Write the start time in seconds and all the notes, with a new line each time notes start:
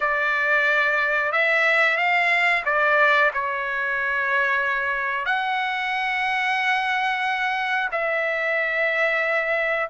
0.00 D5
1.32 E5
1.97 F5
2.65 D5
3.33 C#5
5.25 F#5
7.91 E5